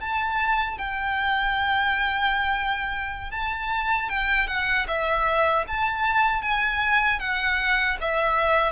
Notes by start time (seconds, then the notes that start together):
0.00 A5
0.78 G5
3.31 A5
4.09 G5
4.47 F#5
4.87 E5
5.68 A5
6.42 G#5
7.19 F#5
8.01 E5